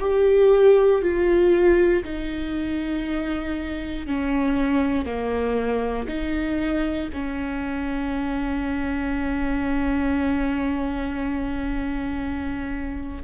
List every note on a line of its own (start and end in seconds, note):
0.00 1.02 G4
1.02 2.03 F4
2.04 4.06 D#4
4.06 5.05 C#4
5.05 6.07 A#3
6.08 7.10 D#4
7.13 13.23 C#4